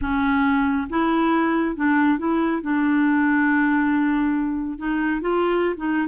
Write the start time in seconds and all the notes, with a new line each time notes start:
0.01 C#4
0.89 E4
1.75 D4
2.18 E4
2.62 D4
4.78 D#4
5.21 F4
5.76 D#4